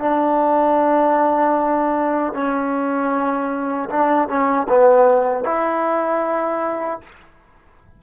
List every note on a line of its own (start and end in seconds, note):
0.00 2.33 D4
2.33 3.89 C#4
3.90 4.28 D4
4.28 4.67 C#4
4.69 5.45 B3
5.45 7.01 E4